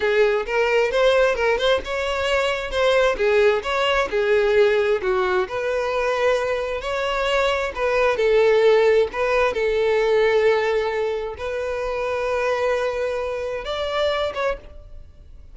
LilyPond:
\new Staff \with { instrumentName = "violin" } { \time 4/4 \tempo 4 = 132 gis'4 ais'4 c''4 ais'8 c''8 | cis''2 c''4 gis'4 | cis''4 gis'2 fis'4 | b'2. cis''4~ |
cis''4 b'4 a'2 | b'4 a'2.~ | a'4 b'2.~ | b'2 d''4. cis''8 | }